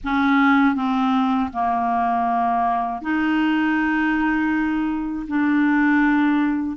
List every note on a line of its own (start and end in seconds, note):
0.04 0.75 C#4
0.75 1.50 C4
1.53 3.01 A#3
3.01 5.26 D#4
5.27 6.77 D4